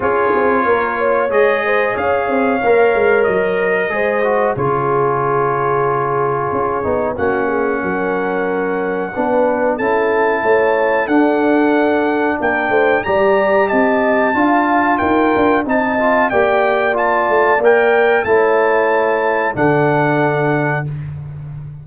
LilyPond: <<
  \new Staff \with { instrumentName = "trumpet" } { \time 4/4 \tempo 4 = 92 cis''2 dis''4 f''4~ | f''4 dis''2 cis''4~ | cis''2. fis''4~ | fis''2. a''4~ |
a''4 fis''2 g''4 | ais''4 a''2 g''4 | a''4 g''4 a''4 g''4 | a''2 fis''2 | }
  \new Staff \with { instrumentName = "horn" } { \time 4/4 gis'4 ais'8 cis''4 c''8 cis''4~ | cis''2 c''4 gis'4~ | gis'2. fis'8 gis'8 | ais'2 b'4 a'4 |
cis''4 a'2 ais'8 c''8 | d''4 dis''4 f''4 ais'4 | dis''4 d''2. | cis''2 a'2 | }
  \new Staff \with { instrumentName = "trombone" } { \time 4/4 f'2 gis'2 | ais'2 gis'8 fis'8 f'4~ | f'2~ f'8 dis'8 cis'4~ | cis'2 d'4 e'4~ |
e'4 d'2. | g'2 f'2 | dis'8 f'8 g'4 f'4 ais'4 | e'2 d'2 | }
  \new Staff \with { instrumentName = "tuba" } { \time 4/4 cis'8 c'8 ais4 gis4 cis'8 c'8 | ais8 gis8 fis4 gis4 cis4~ | cis2 cis'8 b8 ais4 | fis2 b4 cis'4 |
a4 d'2 ais8 a8 | g4 c'4 d'4 dis'8 d'8 | c'4 ais4. a8 ais4 | a2 d2 | }
>>